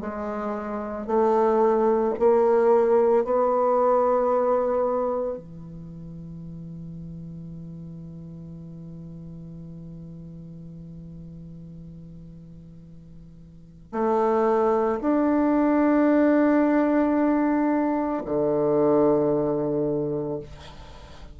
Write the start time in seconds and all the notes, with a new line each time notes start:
0.00 G#3
1.07 A3
2.19 A#3
3.24 B3
5.37 E3
13.92 A3
15.01 D4
18.25 D3